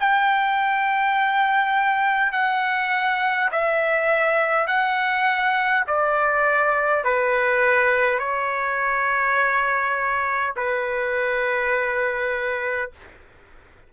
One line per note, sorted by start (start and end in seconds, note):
0.00 2.32 G5
2.32 3.50 F#5
3.51 4.67 E5
4.67 5.84 F#5
5.87 7.04 D5
7.04 8.19 B4
8.19 10.54 C#5
10.56 12.91 B4